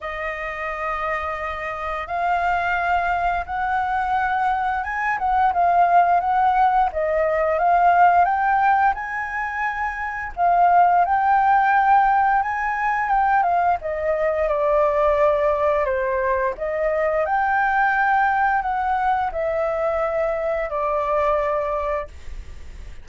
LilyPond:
\new Staff \with { instrumentName = "flute" } { \time 4/4 \tempo 4 = 87 dis''2. f''4~ | f''4 fis''2 gis''8 fis''8 | f''4 fis''4 dis''4 f''4 | g''4 gis''2 f''4 |
g''2 gis''4 g''8 f''8 | dis''4 d''2 c''4 | dis''4 g''2 fis''4 | e''2 d''2 | }